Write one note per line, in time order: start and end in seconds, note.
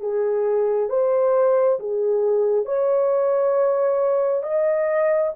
0.00 0.89 G#4
0.89 1.79 C5
1.79 2.65 G#4
2.65 4.42 C#5
4.42 5.32 D#5